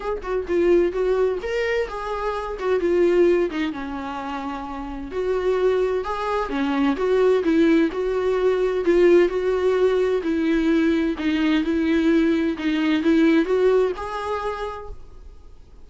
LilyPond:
\new Staff \with { instrumentName = "viola" } { \time 4/4 \tempo 4 = 129 gis'8 fis'8 f'4 fis'4 ais'4 | gis'4. fis'8 f'4. dis'8 | cis'2. fis'4~ | fis'4 gis'4 cis'4 fis'4 |
e'4 fis'2 f'4 | fis'2 e'2 | dis'4 e'2 dis'4 | e'4 fis'4 gis'2 | }